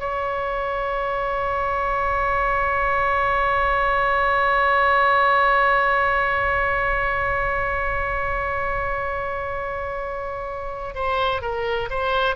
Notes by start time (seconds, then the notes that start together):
0.00 C#5
10.95 C5
11.42 A#4
11.90 C5